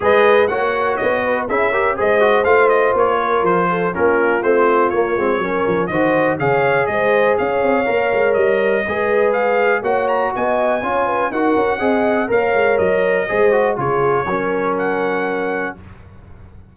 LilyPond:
<<
  \new Staff \with { instrumentName = "trumpet" } { \time 4/4 \tempo 4 = 122 dis''4 fis''4 dis''4 e''4 | dis''4 f''8 dis''8 cis''4 c''4 | ais'4 c''4 cis''2 | dis''4 f''4 dis''4 f''4~ |
f''4 dis''2 f''4 | fis''8 ais''8 gis''2 fis''4~ | fis''4 f''4 dis''2 | cis''2 fis''2 | }
  \new Staff \with { instrumentName = "horn" } { \time 4/4 b'4 cis''4. b'8 gis'8 ais'8 | c''2~ c''8 ais'4 a'8 | f'2. ais'4 | c''4 cis''4 c''4 cis''4~ |
cis''2 b'2 | cis''4 dis''4 cis''8 b'8 ais'4 | dis''4 cis''2 c''4 | gis'4 ais'2. | }
  \new Staff \with { instrumentName = "trombone" } { \time 4/4 gis'4 fis'2 e'8 g'8 | gis'8 fis'8 f'2. | cis'4 c'4 ais8 c'8 cis'4 | fis'4 gis'2. |
ais'2 gis'2 | fis'2 f'4 fis'4 | gis'4 ais'2 gis'8 fis'8 | f'4 cis'2. | }
  \new Staff \with { instrumentName = "tuba" } { \time 4/4 gis4 ais4 b4 cis'4 | gis4 a4 ais4 f4 | ais4 a4 ais8 gis8 fis8 f8 | dis4 cis4 gis4 cis'8 c'8 |
ais8 gis8 g4 gis2 | ais4 b4 cis'4 dis'8 cis'8 | c'4 ais8 gis8 fis4 gis4 | cis4 fis2. | }
>>